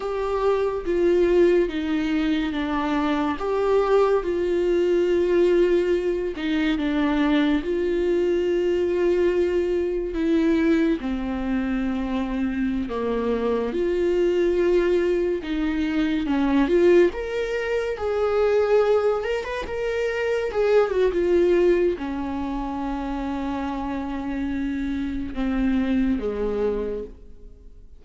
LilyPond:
\new Staff \with { instrumentName = "viola" } { \time 4/4 \tempo 4 = 71 g'4 f'4 dis'4 d'4 | g'4 f'2~ f'8 dis'8 | d'4 f'2. | e'4 c'2~ c'16 ais8.~ |
ais16 f'2 dis'4 cis'8 f'16~ | f'16 ais'4 gis'4. ais'16 b'16 ais'8.~ | ais'16 gis'8 fis'16 f'4 cis'2~ | cis'2 c'4 gis4 | }